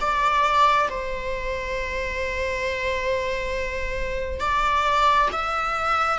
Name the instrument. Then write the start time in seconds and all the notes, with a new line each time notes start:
viola
0.00 D5
0.90 C5
4.40 D5
5.32 E5